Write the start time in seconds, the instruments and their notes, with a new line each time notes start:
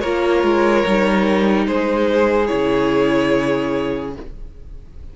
0.00 cello A#3, viola F4, violin A#4 C#5
0.43 cello G#3
0.86 cello G3, viola D#4
1.66 cello G#3, violin G#4 C5
2.46 cello C#3, viola E4, violin C#5